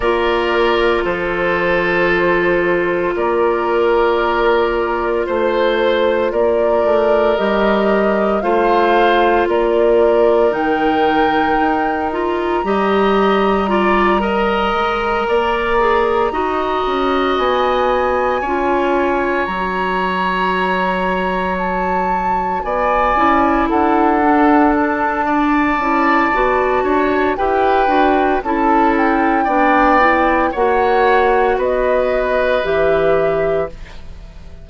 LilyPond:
<<
  \new Staff \with { instrumentName = "flute" } { \time 4/4 \tempo 4 = 57 d''4 c''2 d''4~ | d''4 c''4 d''4 dis''4 | f''4 d''4 g''4. ais''8~ | ais''1~ |
ais''8 gis''2 ais''4.~ | ais''8 a''4 gis''4 fis''4 a''8~ | a''2 g''4 a''8 g''8~ | g''4 fis''4 dis''4 e''4 | }
  \new Staff \with { instrumentName = "oboe" } { \time 4/4 ais'4 a'2 ais'4~ | ais'4 c''4 ais'2 | c''4 ais'2. | dis''4 d''8 dis''4 d''4 dis''8~ |
dis''4. cis''2~ cis''8~ | cis''4. d''4 a'4. | d''4. cis''8 b'4 a'4 | d''4 cis''4 b'2 | }
  \new Staff \with { instrumentName = "clarinet" } { \time 4/4 f'1~ | f'2. g'4 | f'2 dis'4. f'8 | g'4 f'8 ais'4. gis'8 fis'8~ |
fis'4. f'4 fis'4.~ | fis'2 e'4 d'4~ | d'8 e'8 fis'4 g'8 fis'8 e'4 | d'8 e'8 fis'2 g'4 | }
  \new Staff \with { instrumentName = "bassoon" } { \time 4/4 ais4 f2 ais4~ | ais4 a4 ais8 a8 g4 | a4 ais4 dis4 dis'4 | g2 gis8 ais4 dis'8 |
cis'8 b4 cis'4 fis4.~ | fis4. b8 cis'8 d'4.~ | d'8 cis'8 b8 d'8 e'8 d'8 cis'4 | b4 ais4 b4 e4 | }
>>